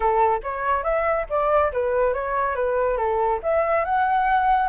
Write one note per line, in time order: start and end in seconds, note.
0.00 0.40 A4
0.43 0.83 C#5
0.83 1.26 E5
1.29 1.72 D5
1.72 2.13 B4
2.13 2.55 C#5
2.55 2.97 B4
2.97 3.39 A4
3.43 3.85 E5
3.85 4.68 F#5